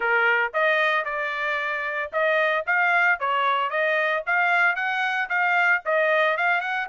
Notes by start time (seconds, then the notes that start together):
0.00 A#4
0.53 D#5
1.05 D5
2.12 D#5
2.66 F5
3.19 C#5
3.70 D#5
4.26 F5
4.75 F#5
5.29 F5
5.85 D#5
6.37 F5
6.60 F#5